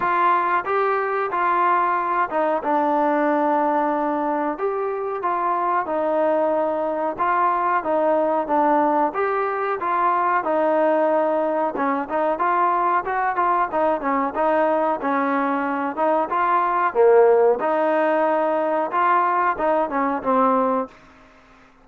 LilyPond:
\new Staff \with { instrumentName = "trombone" } { \time 4/4 \tempo 4 = 92 f'4 g'4 f'4. dis'8 | d'2. g'4 | f'4 dis'2 f'4 | dis'4 d'4 g'4 f'4 |
dis'2 cis'8 dis'8 f'4 | fis'8 f'8 dis'8 cis'8 dis'4 cis'4~ | cis'8 dis'8 f'4 ais4 dis'4~ | dis'4 f'4 dis'8 cis'8 c'4 | }